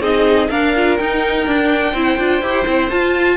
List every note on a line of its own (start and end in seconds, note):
0.00 0.48 C4
0.00 0.49 D#4
0.00 0.49 G#4
0.00 0.50 D#5
0.49 0.74 D4
0.49 0.99 D4
0.49 1.91 A#4
0.49 0.97 F5
0.75 0.99 F4
0.97 1.47 D#4
0.97 1.46 D#4
0.97 2.89 G5
1.46 1.93 D4
1.46 1.95 D4
1.91 2.17 C4
1.91 2.18 E4
1.91 3.35 C5
2.18 2.41 D4
2.18 2.42 F4
2.41 2.65 E4
2.41 2.66 G4
2.66 2.91 C4
2.66 2.90 E4
2.89 3.37 F4
2.89 3.37 A5